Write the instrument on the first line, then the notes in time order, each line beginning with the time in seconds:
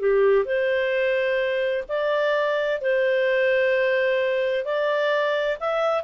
clarinet
0.00 G4
0.45 C5
1.89 D5
2.82 C5
4.65 D5
5.60 E5